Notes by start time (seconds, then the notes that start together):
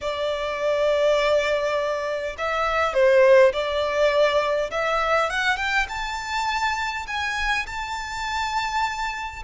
0.01 D5
2.37 E5
2.93 C5
3.52 D5
4.71 E5
5.30 F#5
5.56 G5
5.89 A5
7.07 G#5
7.66 A5